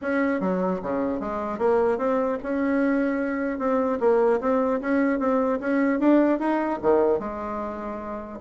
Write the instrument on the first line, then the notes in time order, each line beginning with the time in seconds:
bassoon
0.01 C#4
0.40 F#3
0.82 C#3
1.19 G#3
1.58 A#3
1.98 C4
2.42 C#4
3.59 C4
3.99 A#3
4.40 C4
4.80 C#4
5.19 C4
5.59 C#4
5.99 D4
6.39 D#4
6.82 D#3
7.19 G#3